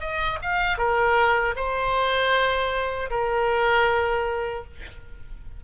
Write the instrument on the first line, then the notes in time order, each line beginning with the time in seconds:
oboe
0.00 D#5
0.42 F5
0.78 A#4
1.56 C5
3.10 A#4